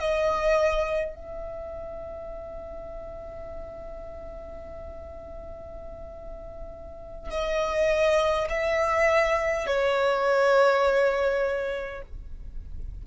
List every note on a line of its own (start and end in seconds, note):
0.00 1.16 D#5
1.16 7.30 E5
7.30 8.48 D#5
8.50 9.67 E5
9.67 12.02 C#5